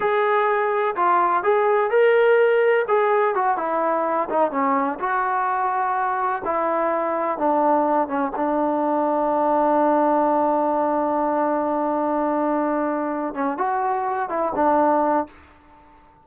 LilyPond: \new Staff \with { instrumentName = "trombone" } { \time 4/4 \tempo 4 = 126 gis'2 f'4 gis'4 | ais'2 gis'4 fis'8 e'8~ | e'4 dis'8 cis'4 fis'4.~ | fis'4. e'2 d'8~ |
d'4 cis'8 d'2~ d'8~ | d'1~ | d'1 | cis'8 fis'4. e'8 d'4. | }